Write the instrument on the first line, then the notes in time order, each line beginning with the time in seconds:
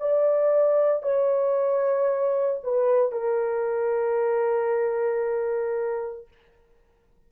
horn
0.00 D5
1.02 C#5
2.63 B4
3.11 A#4